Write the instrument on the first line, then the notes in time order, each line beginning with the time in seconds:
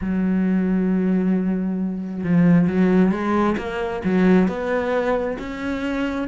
cello
0.01 F#3
2.23 F3
2.67 F#3
3.11 G#3
3.57 A#3
4.04 F#3
4.48 B3
5.39 C#4